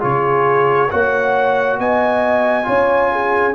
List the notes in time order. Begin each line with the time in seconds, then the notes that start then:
0.00 C#3 F4 G#4 C#5
0.90 A#3 F#4 C#5 F#5
1.79 B3 D#5 G#5
2.63 C#4 F4 C#5
3.11 G#4